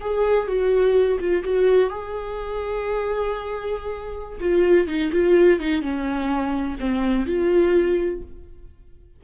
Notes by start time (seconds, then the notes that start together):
0.00 G#4
0.47 F#4
1.19 F4
1.44 F#4
1.89 G#4
4.40 F4
4.87 D#4
5.12 F4
5.59 D#4
5.81 C#4
6.79 C4
7.26 F4